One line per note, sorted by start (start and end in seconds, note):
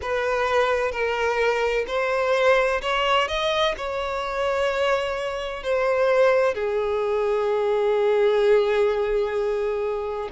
0.01 0.91 B4
0.91 1.85 A#4
1.87 2.81 C5
2.81 3.28 C#5
3.28 3.75 D#5
3.77 5.63 C#5
5.63 6.54 C5
6.54 10.29 G#4